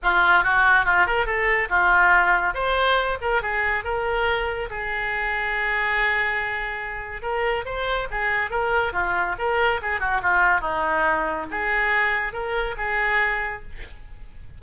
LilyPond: \new Staff \with { instrumentName = "oboe" } { \time 4/4 \tempo 4 = 141 f'4 fis'4 f'8 ais'8 a'4 | f'2 c''4. ais'8 | gis'4 ais'2 gis'4~ | gis'1~ |
gis'4 ais'4 c''4 gis'4 | ais'4 f'4 ais'4 gis'8 fis'8 | f'4 dis'2 gis'4~ | gis'4 ais'4 gis'2 | }